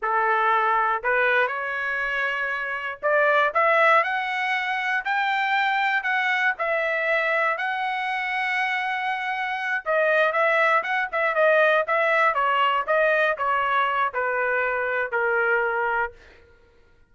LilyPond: \new Staff \with { instrumentName = "trumpet" } { \time 4/4 \tempo 4 = 119 a'2 b'4 cis''4~ | cis''2 d''4 e''4 | fis''2 g''2 | fis''4 e''2 fis''4~ |
fis''2.~ fis''8 dis''8~ | dis''8 e''4 fis''8 e''8 dis''4 e''8~ | e''8 cis''4 dis''4 cis''4. | b'2 ais'2 | }